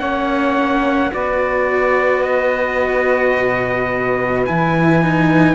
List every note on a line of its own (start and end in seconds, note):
0.00 1.11 A#3
0.00 1.12 C#4
0.00 1.11 C#5
0.00 1.12 F#5
1.12 3.37 B3
1.12 4.45 F#4
1.12 5.55 B4
1.12 2.23 D5
2.23 4.45 D#5
3.37 4.48 B2
4.46 5.55 E3
4.46 5.02 E4
4.46 5.55 G#5
5.02 5.55 D#4